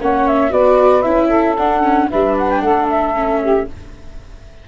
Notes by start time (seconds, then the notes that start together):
0.00 A#3 C#4 C#5 F#5
0.28 E5
0.51 B3 F#4 B4 D5
1.03 C#4 E4 E5
1.28 A4
1.58 D4 F#5
1.83 C#4
2.11 G3 D4 B4 E5
2.38 F#5
2.51 G5
2.62 A3 A4 F#5
2.90 E5
3.15 C#4
3.42 G4